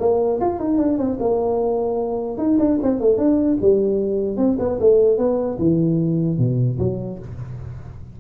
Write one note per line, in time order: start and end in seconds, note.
0.00 0.40 A#3
0.41 0.59 F4
0.59 0.78 D#4
0.78 0.98 D4
0.98 1.18 C4
1.20 2.38 A#3
2.38 2.58 D#4
2.59 2.79 D4
2.82 3.00 C4
3.00 3.18 A3
3.18 3.58 D4
3.61 4.37 G3
4.37 4.57 C4
4.59 4.79 B3
4.80 5.18 A3
5.18 5.58 B3
5.59 6.38 E3
6.38 6.78 B2
6.78 7.19 F#3